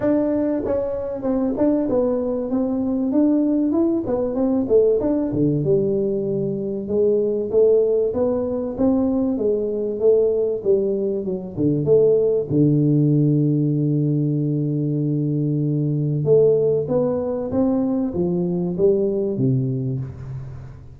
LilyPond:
\new Staff \with { instrumentName = "tuba" } { \time 4/4 \tempo 4 = 96 d'4 cis'4 c'8 d'8 b4 | c'4 d'4 e'8 b8 c'8 a8 | d'8 d8 g2 gis4 | a4 b4 c'4 gis4 |
a4 g4 fis8 d8 a4 | d1~ | d2 a4 b4 | c'4 f4 g4 c4 | }